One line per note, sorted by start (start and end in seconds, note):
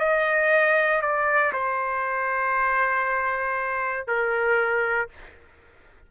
0.00 1.02 D#5
1.02 1.53 D5
1.53 4.07 C5
4.07 5.09 A#4